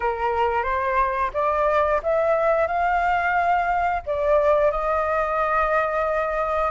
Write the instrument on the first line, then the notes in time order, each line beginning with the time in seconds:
flute
0.00 A#4
0.63 C5
1.33 D5
2.02 E5
2.67 F5
4.06 D5
4.71 D#5